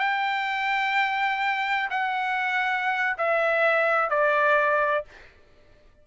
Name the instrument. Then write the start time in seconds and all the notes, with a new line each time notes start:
trumpet
0.00 G5
1.91 F#5
3.18 E5
4.10 D5